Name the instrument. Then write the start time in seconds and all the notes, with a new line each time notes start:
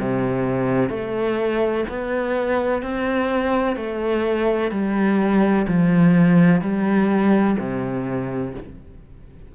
cello
0.00 C3
0.90 A3
1.89 B3
2.82 C4
3.76 A3
4.71 G3
5.68 F3
6.61 G3
7.59 C3